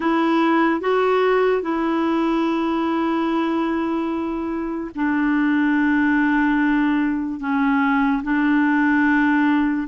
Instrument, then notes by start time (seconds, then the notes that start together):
clarinet
0.00 E4
0.80 F#4
1.61 E4
4.95 D4
7.40 C#4
8.23 D4